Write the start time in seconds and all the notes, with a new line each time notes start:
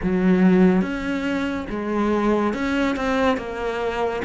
0.02 F#3
0.81 C#4
1.69 G#3
2.54 C#4
2.96 C4
3.37 A#3